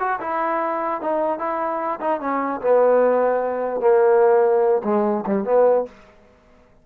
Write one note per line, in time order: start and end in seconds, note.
0.00 0.20 F#4
0.21 1.02 E4
1.02 1.39 D#4
1.39 2.00 E4
2.01 2.21 D#4
2.21 2.61 C#4
2.62 3.81 B3
3.81 4.82 A#3
4.85 5.25 G#3
5.27 5.45 G3
5.45 5.85 B3